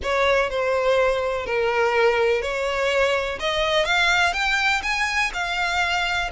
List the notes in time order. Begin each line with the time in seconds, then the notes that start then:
0.02 C#5
0.49 C5
1.46 A#4
2.41 C#5
3.39 D#5
3.85 F5
4.33 G5
4.82 G#5
5.33 F5